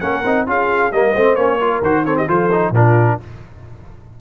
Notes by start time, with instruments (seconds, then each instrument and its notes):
0.00 tuba A#3, trombone C#4, horn A#4, trumpet F#5
0.24 tuba C4, trombone D#4
0.47 tuba C#4, trombone F4, horn G#4, trumpet F5
0.92 tuba G3, trombone A#3, horn A#4, trumpet D#5
1.12 tuba A3, trombone C4, horn C5
1.35 tuba A#3, trombone C#4, trumpet C#5
1.57 trombone F4, horn A#4
1.82 tuba D#3, trombone F#4, trumpet C5
2.05 trombone C4, horn A4, trumpet C#5
2.17 horn G4, trumpet D#5
2.28 tuba F3, trombone F4, horn A4, trumpet C5
2.51 trombone D#4
2.70 tuba A#2, trombone D4, horn F4, trumpet A#4